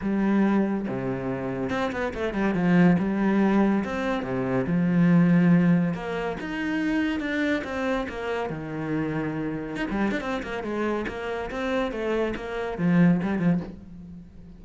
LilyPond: \new Staff \with { instrumentName = "cello" } { \time 4/4 \tempo 4 = 141 g2 c2 | c'8 b8 a8 g8 f4 g4~ | g4 c'4 c4 f4~ | f2 ais4 dis'4~ |
dis'4 d'4 c'4 ais4 | dis2. dis'16 g8 d'16 | c'8 ais8 gis4 ais4 c'4 | a4 ais4 f4 g8 f8 | }